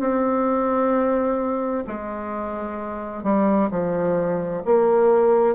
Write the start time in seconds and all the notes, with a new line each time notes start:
0.00 C4
1.88 G#3
3.24 G3
3.71 F3
4.66 A#3